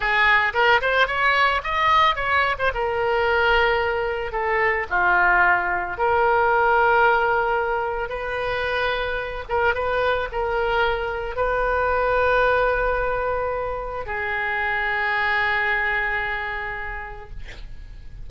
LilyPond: \new Staff \with { instrumentName = "oboe" } { \time 4/4 \tempo 4 = 111 gis'4 ais'8 c''8 cis''4 dis''4 | cis''8. c''16 ais'2. | a'4 f'2 ais'4~ | ais'2. b'4~ |
b'4. ais'8 b'4 ais'4~ | ais'4 b'2.~ | b'2 gis'2~ | gis'1 | }